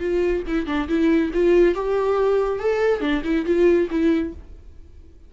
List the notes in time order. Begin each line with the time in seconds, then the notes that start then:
0.00 F4
0.47 E4
0.66 D4
0.88 E4
1.34 F4
1.75 G4
2.59 A4
3.00 D4
3.24 E4
3.46 F4
3.91 E4